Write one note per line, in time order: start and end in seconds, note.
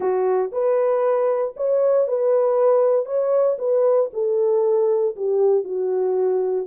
0.00 0.51 F#4
0.52 1.54 B4
1.56 2.07 C#5
2.07 3.05 B4
3.05 3.56 C#5
3.58 4.09 B4
4.13 5.15 A4
5.16 5.64 G4
5.64 6.66 F#4